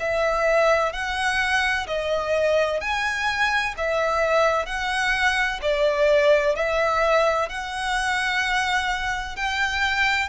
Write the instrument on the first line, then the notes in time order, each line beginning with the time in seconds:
violin
0.00 E5
0.93 F#5
1.87 D#5
2.81 G#5
3.77 E5
4.66 F#5
5.62 D5
6.55 E5
7.49 F#5
9.36 G5